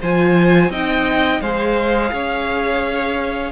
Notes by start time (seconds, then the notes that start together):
0.00 F3 F4 C5 G#5
0.69 C4 D#4 D#5 G5
1.41 G#3 G#4 C5 F5
2.11 C#4 C#5